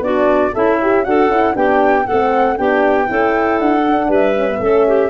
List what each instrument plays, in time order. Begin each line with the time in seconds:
0.00 tuba B3, horn D4, clarinet F#4, flute D5
0.53 tuba C#4, clarinet E4, horn A4, flute E5
0.81 horn G4
1.04 tuba D4, horn F#4, clarinet A4, flute F#5
1.28 tuba C#4, horn E4
1.54 tuba B3, horn D4, clarinet G4, flute G5
2.06 tuba A3, horn C4, clarinet A4, flute F#5
2.57 tuba B3, horn D4, clarinet G4, flute G5
3.05 tuba C#4, horn E4, clarinet A4
3.59 tuba D4, flute F#5
3.86 horn D4
4.08 tuba G3, clarinet B4, flute E5
4.36 horn C#4
4.49 horn B3
4.60 tuba A3, horn C#4, clarinet A4
4.87 clarinet G4